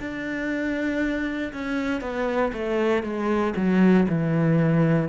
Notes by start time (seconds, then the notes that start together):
0.00 D4
1.53 C#4
2.01 B3
2.53 A3
3.03 G#3
3.56 F#3
4.09 E3